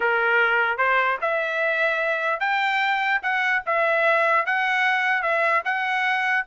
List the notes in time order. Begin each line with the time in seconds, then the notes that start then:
0.00 A#4
0.77 C5
1.21 E5
2.39 G5
3.22 F#5
3.66 E5
4.46 F#5
5.22 E5
5.64 F#5